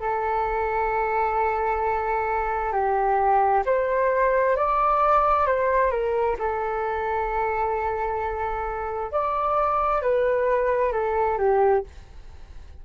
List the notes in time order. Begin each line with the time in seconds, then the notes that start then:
0.00 A4
2.72 G4
3.65 C5
4.56 D5
5.47 C5
5.91 A#4
6.39 A4
9.12 D5
10.02 B4
10.93 A4
11.38 G4